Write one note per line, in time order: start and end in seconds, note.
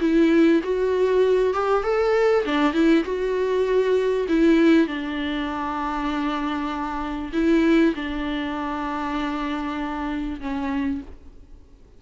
0.00 0.61 E4
0.63 1.53 F#4
1.53 1.83 G4
1.83 2.44 A4
2.45 2.73 D4
2.73 3.04 E4
3.04 4.26 F#4
4.28 4.87 E4
4.87 7.32 D4
7.32 7.94 E4
7.95 10.40 D4
10.40 11.01 C#4